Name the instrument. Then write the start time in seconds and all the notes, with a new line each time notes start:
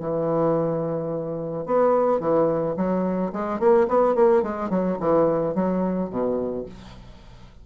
bassoon
0.00 E3
1.66 B3
2.20 E3
2.77 F#3
3.33 G#3
3.59 A#3
3.88 B3
4.15 A#3
4.42 G#3
4.70 F#3
5.00 E3
5.54 F#3
6.10 B2